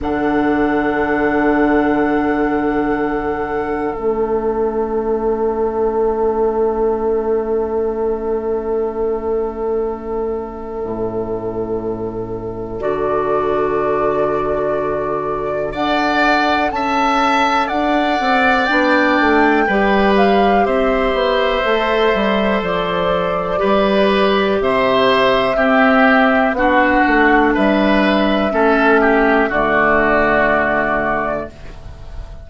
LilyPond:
<<
  \new Staff \with { instrumentName = "flute" } { \time 4/4 \tempo 4 = 61 fis''1 | e''1~ | e''1~ | e''4 d''2. |
fis''4 a''4 fis''4 g''4~ | g''8 f''8 e''2 d''4~ | d''4 e''2 fis''4 | e''2 d''2 | }
  \new Staff \with { instrumentName = "oboe" } { \time 4/4 a'1~ | a'1~ | a'1~ | a'1 |
d''4 e''4 d''2 | b'4 c''2. | b'4 c''4 g'4 fis'4 | b'4 a'8 g'8 fis'2 | }
  \new Staff \with { instrumentName = "clarinet" } { \time 4/4 d'1 | cis'1~ | cis'1~ | cis'4 fis'2. |
a'2. d'4 | g'2 a'2 | g'2 c'4 d'4~ | d'4 cis'4 a2 | }
  \new Staff \with { instrumentName = "bassoon" } { \time 4/4 d1 | a1~ | a2. a,4~ | a,4 d2. |
d'4 cis'4 d'8 c'8 b8 a8 | g4 c'8 b8 a8 g8 f4 | g4 c4 c'4 b8 a8 | g4 a4 d2 | }
>>